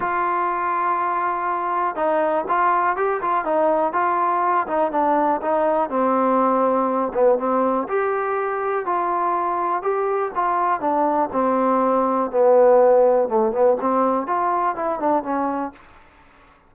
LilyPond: \new Staff \with { instrumentName = "trombone" } { \time 4/4 \tempo 4 = 122 f'1 | dis'4 f'4 g'8 f'8 dis'4 | f'4. dis'8 d'4 dis'4 | c'2~ c'8 b8 c'4 |
g'2 f'2 | g'4 f'4 d'4 c'4~ | c'4 b2 a8 b8 | c'4 f'4 e'8 d'8 cis'4 | }